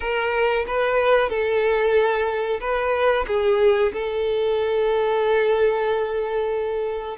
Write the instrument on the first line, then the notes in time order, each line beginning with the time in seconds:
violin
0.00 A#4
0.67 B4
1.29 A4
2.60 B4
3.27 G#4
3.93 A4